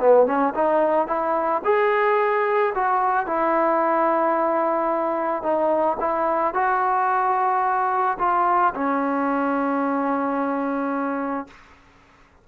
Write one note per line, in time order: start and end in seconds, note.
0.00 0.27 B3
0.27 0.54 C#4
0.55 1.07 D#4
1.07 1.62 E4
1.65 2.74 G#4
2.75 3.27 F#4
3.27 5.43 E4
5.43 5.98 D#4
6.00 6.55 E4
6.55 8.18 F#4
8.19 8.74 F4
8.75 11.47 C#4